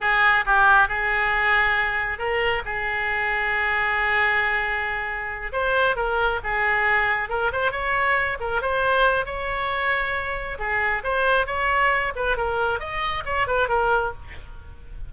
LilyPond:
\new Staff \with { instrumentName = "oboe" } { \time 4/4 \tempo 4 = 136 gis'4 g'4 gis'2~ | gis'4 ais'4 gis'2~ | gis'1~ | gis'8 c''4 ais'4 gis'4.~ |
gis'8 ais'8 c''8 cis''4. ais'8 c''8~ | c''4 cis''2. | gis'4 c''4 cis''4. b'8 | ais'4 dis''4 cis''8 b'8 ais'4 | }